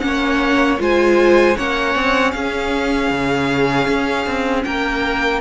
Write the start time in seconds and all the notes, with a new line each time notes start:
0.00 A#3 C#4 F#5
0.06 C#5
0.79 G#3 F4 C5 G#5
1.57 A#3 C#4 C#5 F#5
1.95 C4
2.32 C#4 G#4 F5
3.11 C#3
3.88 C#4
4.26 C4
4.64 A#3 A#4 G5